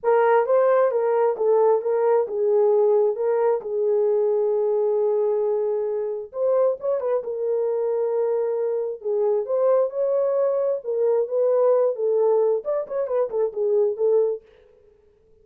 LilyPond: \new Staff \with { instrumentName = "horn" } { \time 4/4 \tempo 4 = 133 ais'4 c''4 ais'4 a'4 | ais'4 gis'2 ais'4 | gis'1~ | gis'2 c''4 cis''8 b'8 |
ais'1 | gis'4 c''4 cis''2 | ais'4 b'4. a'4. | d''8 cis''8 b'8 a'8 gis'4 a'4 | }